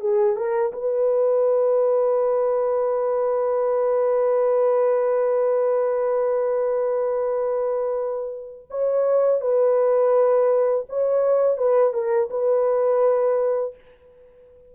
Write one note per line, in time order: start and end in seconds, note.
0.00 0.36 G#4
0.36 0.72 A#4
0.73 8.68 B4
8.70 9.41 C#5
9.41 10.85 B4
10.89 11.57 C#5
11.57 11.93 B4
11.93 12.29 A#4
12.30 13.75 B4